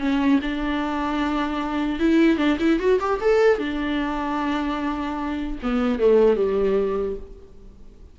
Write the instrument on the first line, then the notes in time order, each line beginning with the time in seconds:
viola
0.00 C#4
0.42 D4
2.00 E4
2.38 D4
2.60 E4
2.80 F#4
3.00 G4
3.21 A4
3.59 D4
5.63 B3
6.00 A3
6.37 G3